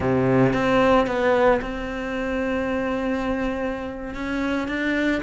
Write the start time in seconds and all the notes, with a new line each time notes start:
0.00 C3
0.53 C4
1.07 B3
1.61 C4
4.14 C#4
4.68 D4